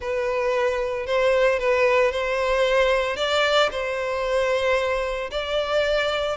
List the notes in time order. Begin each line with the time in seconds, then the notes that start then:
0.00 B4
1.06 C5
1.59 B4
2.11 C5
3.16 D5
3.71 C5
5.30 D5